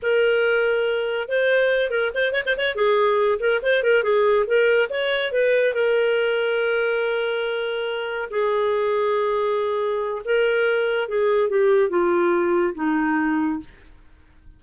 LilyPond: \new Staff \with { instrumentName = "clarinet" } { \time 4/4 \tempo 4 = 141 ais'2. c''4~ | c''8 ais'8 c''8 cis''16 c''16 cis''8 gis'4. | ais'8 c''8 ais'8 gis'4 ais'4 cis''8~ | cis''8 b'4 ais'2~ ais'8~ |
ais'2.~ ais'8 gis'8~ | gis'1 | ais'2 gis'4 g'4 | f'2 dis'2 | }